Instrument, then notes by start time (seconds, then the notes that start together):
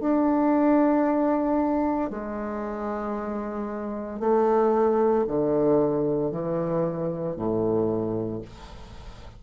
bassoon
0.00 D4
2.10 G#3
4.20 A3
5.27 D3
6.31 E3
7.36 A2